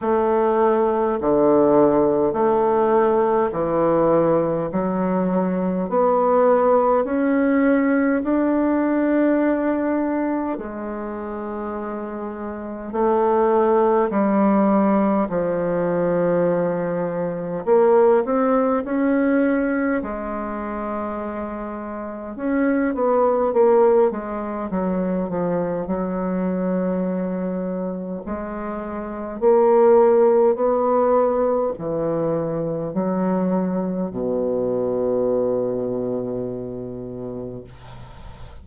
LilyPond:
\new Staff \with { instrumentName = "bassoon" } { \time 4/4 \tempo 4 = 51 a4 d4 a4 e4 | fis4 b4 cis'4 d'4~ | d'4 gis2 a4 | g4 f2 ais8 c'8 |
cis'4 gis2 cis'8 b8 | ais8 gis8 fis8 f8 fis2 | gis4 ais4 b4 e4 | fis4 b,2. | }